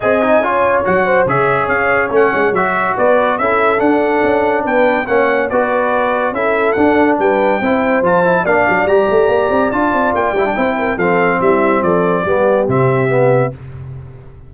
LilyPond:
<<
  \new Staff \with { instrumentName = "trumpet" } { \time 4/4 \tempo 4 = 142 gis''2 fis''4 e''4 | f''4 fis''4 e''4 d''4 | e''4 fis''2 g''4 | fis''4 d''2 e''4 |
fis''4 g''2 a''4 | f''4 ais''2 a''4 | g''2 f''4 e''4 | d''2 e''2 | }
  \new Staff \with { instrumentName = "horn" } { \time 4/4 dis''4 cis''4. c''8 cis''4~ | cis''2. b'4 | a'2. b'4 | cis''4 b'2 a'4~ |
a'4 b'4 c''2 | d''1~ | d''4 c''8 ais'8 a'4 e'4 | a'4 g'2. | }
  \new Staff \with { instrumentName = "trombone" } { \time 4/4 gis'8 dis'8 f'4 fis'4 gis'4~ | gis'4 cis'4 fis'2 | e'4 d'2. | cis'4 fis'2 e'4 |
d'2 e'4 f'8 e'8 | d'4 g'2 f'4~ | f'8 e'16 d'16 e'4 c'2~ | c'4 b4 c'4 b4 | }
  \new Staff \with { instrumentName = "tuba" } { \time 4/4 c'4 cis'4 fis4 cis4 | cis'4 a8 gis8 fis4 b4 | cis'4 d'4 cis'4 b4 | ais4 b2 cis'4 |
d'4 g4 c'4 f4 | ais8 fis8 g8 a8 ais8 c'8 d'8 c'8 | ais8 g8 c'4 f4 g4 | f4 g4 c2 | }
>>